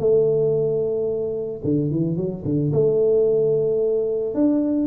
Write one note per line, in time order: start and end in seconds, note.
0.00 1.62 A3
1.65 1.91 D3
1.91 2.17 E3
2.17 2.44 F#3
2.45 2.72 D3
2.73 4.35 A3
4.35 4.88 D4